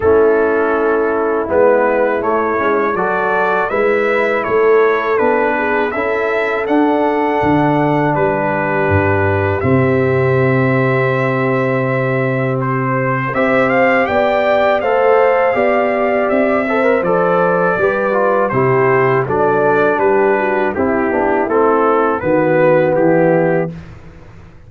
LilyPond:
<<
  \new Staff \with { instrumentName = "trumpet" } { \time 4/4 \tempo 4 = 81 a'2 b'4 cis''4 | d''4 e''4 cis''4 b'4 | e''4 fis''2 b'4~ | b'4 e''2.~ |
e''4 c''4 e''8 f''8 g''4 | f''2 e''4 d''4~ | d''4 c''4 d''4 b'4 | g'4 a'4 b'4 g'4 | }
  \new Staff \with { instrumentName = "horn" } { \time 4/4 e'1 | a'4 b'4 a'4. gis'8 | a'2. g'4~ | g'1~ |
g'2 c''4 d''4 | c''4 d''4. c''4. | b'4 g'4 a'4 g'8 fis'8 | e'2 fis'4 e'4 | }
  \new Staff \with { instrumentName = "trombone" } { \time 4/4 cis'2 b4 a8 cis'8 | fis'4 e'2 d'4 | e'4 d'2.~ | d'4 c'2.~ |
c'2 g'2 | a'4 g'4. a'16 ais'16 a'4 | g'8 f'8 e'4 d'2 | e'8 d'8 c'4 b2 | }
  \new Staff \with { instrumentName = "tuba" } { \time 4/4 a2 gis4 a8 gis8 | fis4 gis4 a4 b4 | cis'4 d'4 d4 g4 | g,4 c2.~ |
c2 c'4 b4 | a4 b4 c'4 f4 | g4 c4 fis4 g4 | c'8 b8 a4 dis4 e4 | }
>>